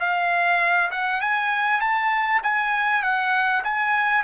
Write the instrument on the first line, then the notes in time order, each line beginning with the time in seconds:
trumpet
0.00 F5
0.91 F#5
1.21 G#5
1.81 A5
2.44 G#5
3.03 F#5
3.64 G#5